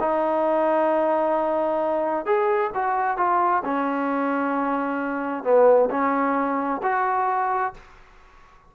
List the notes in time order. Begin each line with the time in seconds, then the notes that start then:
0.00 D#4
2.25 G#4
2.74 F#4
3.17 F4
3.64 C#4
5.44 B3
5.90 C#4
6.83 F#4